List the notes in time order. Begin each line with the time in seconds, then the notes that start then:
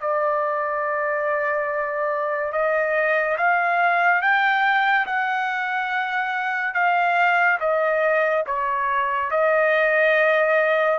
0.00 D5
2.52 D#5
3.37 F5
4.21 G5
5.06 F#5
6.74 F5
7.60 D#5
8.46 C#5
9.30 D#5